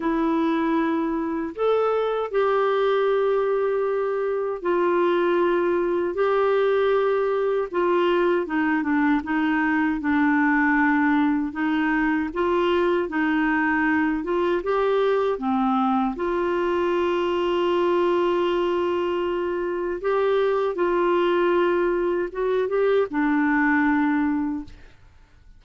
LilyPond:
\new Staff \with { instrumentName = "clarinet" } { \time 4/4 \tempo 4 = 78 e'2 a'4 g'4~ | g'2 f'2 | g'2 f'4 dis'8 d'8 | dis'4 d'2 dis'4 |
f'4 dis'4. f'8 g'4 | c'4 f'2.~ | f'2 g'4 f'4~ | f'4 fis'8 g'8 d'2 | }